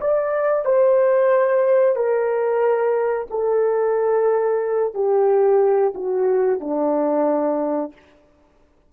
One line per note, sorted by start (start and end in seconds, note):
0.00 0.65 D5
0.65 1.95 C5
1.95 3.27 A#4
3.30 4.94 A4
4.94 5.93 G4
5.94 6.60 F#4
6.60 7.92 D4